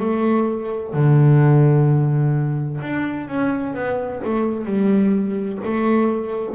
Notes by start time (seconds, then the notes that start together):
0.00 A3
0.94 D3
2.82 D4
3.28 C#4
3.74 B3
4.24 A3
4.65 G3
5.65 A3